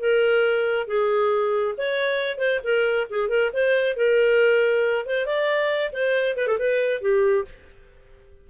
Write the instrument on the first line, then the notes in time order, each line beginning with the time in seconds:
clarinet
0.00 A#4
0.88 G#4
1.78 C#5
2.38 C5
2.64 A#4
3.10 G#4
3.29 A#4
3.54 C5
3.97 A#4
5.06 C5
5.26 D5
5.93 C5
6.37 B4
6.48 A4
6.59 B4
7.02 G4